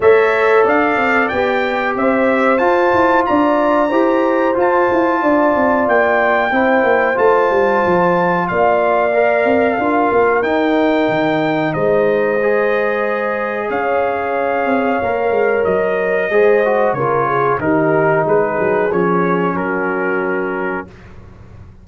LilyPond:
<<
  \new Staff \with { instrumentName = "trumpet" } { \time 4/4 \tempo 4 = 92 e''4 f''4 g''4 e''4 | a''4 ais''2 a''4~ | a''4 g''2 a''4~ | a''4 f''2. |
g''2 dis''2~ | dis''4 f''2. | dis''2 cis''4 ais'4 | b'4 cis''4 ais'2 | }
  \new Staff \with { instrumentName = "horn" } { \time 4/4 cis''4 d''2 c''4~ | c''4 d''4 c''2 | d''2 c''2~ | c''4 d''2 ais'4~ |
ais'2 c''2~ | c''4 cis''2.~ | cis''4 c''4 ais'8 gis'8 g'4 | gis'2 fis'2 | }
  \new Staff \with { instrumentName = "trombone" } { \time 4/4 a'2 g'2 | f'2 g'4 f'4~ | f'2 e'4 f'4~ | f'2 ais'4 f'4 |
dis'2. gis'4~ | gis'2. ais'4~ | ais'4 gis'8 fis'8 f'4 dis'4~ | dis'4 cis'2. | }
  \new Staff \with { instrumentName = "tuba" } { \time 4/4 a4 d'8 c'8 b4 c'4 | f'8 e'8 d'4 e'4 f'8 e'8 | d'8 c'8 ais4 c'8 ais8 a8 g8 | f4 ais4. c'8 d'8 ais8 |
dis'4 dis4 gis2~ | gis4 cis'4. c'8 ais8 gis8 | fis4 gis4 cis4 dis4 | gis8 fis8 f4 fis2 | }
>>